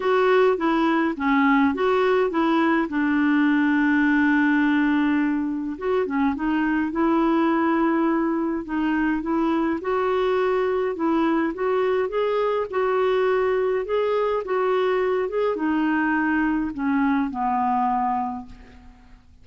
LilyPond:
\new Staff \with { instrumentName = "clarinet" } { \time 4/4 \tempo 4 = 104 fis'4 e'4 cis'4 fis'4 | e'4 d'2.~ | d'2 fis'8 cis'8 dis'4 | e'2. dis'4 |
e'4 fis'2 e'4 | fis'4 gis'4 fis'2 | gis'4 fis'4. gis'8 dis'4~ | dis'4 cis'4 b2 | }